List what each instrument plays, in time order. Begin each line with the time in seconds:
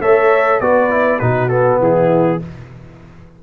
0.00 tuba A3, trombone A4, horn C#5, trumpet E5
0.60 tuba B3, trombone F#4, horn B4, trumpet D5
0.90 trombone E4
1.19 tuba B2, trombone D#4, horn F#4, trumpet B4
1.49 trombone B3, trumpet A4
1.80 tuba E3, horn E4, trumpet G#4